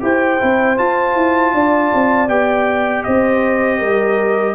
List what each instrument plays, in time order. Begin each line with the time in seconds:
0.00 tuba E4, trombone G4, horn C5, trumpet G5
0.39 tuba C4, trombone E4
0.77 trombone F4, tuba F4, trumpet A5
1.15 tuba E4
1.53 tuba D4, horn D5
1.94 tuba C4
2.28 tuba B3, trombone G4, trumpet G5
3.04 tuba C4, horn C5, trumpet D#5
3.78 tuba G3, horn A#4